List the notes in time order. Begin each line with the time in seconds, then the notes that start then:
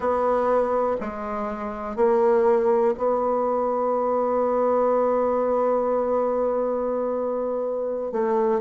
0.00 B3
1.00 G#3
1.96 A#3
2.97 B3
8.11 A3